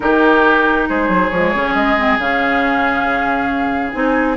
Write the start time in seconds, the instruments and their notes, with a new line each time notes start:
0.00 bassoon D#3, clarinet D#4, oboe G4, flute A#4
0.88 bassoon G#3, oboe G#4, flute C5
1.08 bassoon F#3
1.30 bassoon F3, clarinet G#3, flute C#5
1.55 bassoon C#3, clarinet C#4
1.74 bassoon G#3, flute D#5
1.97 clarinet C4
2.17 bassoon C#3, clarinet C#4, flute F5
3.92 bassoon C4, clarinet D#4, flute G#5